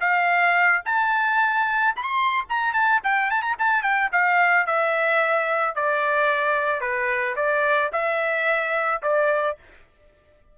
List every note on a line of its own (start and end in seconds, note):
0.00 0.82 F5
0.85 1.94 A5
1.96 2.03 B5
2.03 2.44 C6
2.49 2.73 A#5
2.73 3.00 A5
3.03 3.30 G5
3.30 3.42 A5
3.42 3.55 A#5
3.59 3.82 A5
3.82 4.09 G5
4.12 4.66 F5
4.66 5.75 E5
5.75 6.81 D5
6.81 7.35 B4
7.36 7.90 D5
7.92 9.01 E5
9.02 9.57 D5